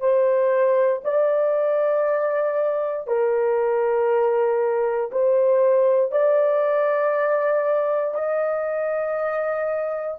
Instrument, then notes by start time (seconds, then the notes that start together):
horn
0.00 C5
1.04 D5
3.07 A#4
5.12 C5
6.12 D5
8.14 D#5